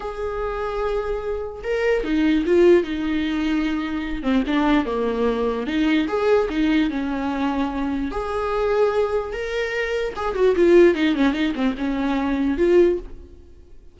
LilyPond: \new Staff \with { instrumentName = "viola" } { \time 4/4 \tempo 4 = 148 gis'1 | ais'4 dis'4 f'4 dis'4~ | dis'2~ dis'8 c'8 d'4 | ais2 dis'4 gis'4 |
dis'4 cis'2. | gis'2. ais'4~ | ais'4 gis'8 fis'8 f'4 dis'8 cis'8 | dis'8 c'8 cis'2 f'4 | }